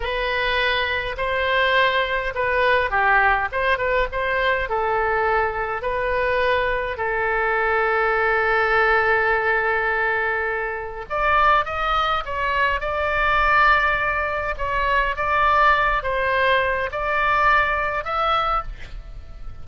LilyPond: \new Staff \with { instrumentName = "oboe" } { \time 4/4 \tempo 4 = 103 b'2 c''2 | b'4 g'4 c''8 b'8 c''4 | a'2 b'2 | a'1~ |
a'2. d''4 | dis''4 cis''4 d''2~ | d''4 cis''4 d''4. c''8~ | c''4 d''2 e''4 | }